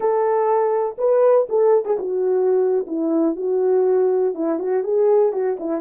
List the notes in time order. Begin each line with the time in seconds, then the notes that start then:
0.00 A4
0.98 B4
1.49 A4
1.85 G#4
1.99 F#4
2.86 E4
3.36 F#4
4.34 E4
4.59 F#4
4.83 G#4
5.32 F#4
5.59 E4